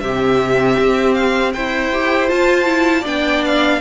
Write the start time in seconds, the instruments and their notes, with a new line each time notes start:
0.00 cello C3, viola C4, violin G4 E5
0.79 cello C4
1.14 violin F5
1.53 cello E4, violin C5 G5
1.93 viola G4
2.28 viola F4, cello F4, violin A5
2.65 viola E4
3.01 cello B3, viola D4, violin D5 G5
3.45 violin F5